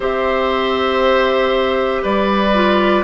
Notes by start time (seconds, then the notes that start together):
0.00 C4 G4 C5 E5
2.02 G3 B4 D5
2.54 F4